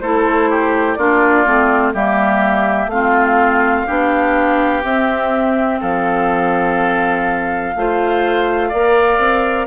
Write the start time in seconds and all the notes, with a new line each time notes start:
0.00 A3 E4 A4 C5
0.50 G4
0.94 A#3 D4 F4 D5
1.45 A3 C4
1.93 G3 A#3 G4 E5
2.87 A3 C4 F5
2.93 F4
3.86 B3 D4 G4
4.84 C4 E5
5.81 F3 A4 F5
7.75 A3 F4 C5
8.69 A#3 A#4 D5
9.18 C4